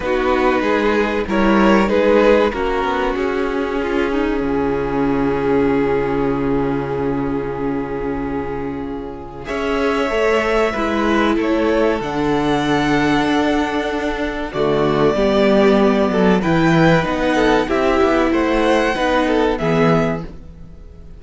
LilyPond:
<<
  \new Staff \with { instrumentName = "violin" } { \time 4/4 \tempo 4 = 95 b'2 cis''4 b'4 | ais'4 gis'2.~ | gis'1~ | gis'2. e''4~ |
e''2 cis''4 fis''4~ | fis''2. d''4~ | d''2 g''4 fis''4 | e''4 fis''2 e''4 | }
  \new Staff \with { instrumentName = "violin" } { \time 4/4 fis'4 gis'4 ais'4 gis'4 | fis'2 f'8 dis'8 f'4~ | f'1~ | f'2. cis''4~ |
cis''4 b'4 a'2~ | a'2. fis'4 | g'4. a'8 b'4. a'8 | g'4 c''4 b'8 a'8 gis'4 | }
  \new Staff \with { instrumentName = "viola" } { \time 4/4 dis'2 e'4 dis'4 | cis'1~ | cis'1~ | cis'2. gis'4 |
a'4 e'2 d'4~ | d'2. a4 | b2 e'4 dis'4 | e'2 dis'4 b4 | }
  \new Staff \with { instrumentName = "cello" } { \time 4/4 b4 gis4 g4 gis4 | ais8 b8 cis'2 cis4~ | cis1~ | cis2. cis'4 |
a4 gis4 a4 d4~ | d4 d'2 d4 | g4. fis8 e4 b4 | c'8 b8 a4 b4 e4 | }
>>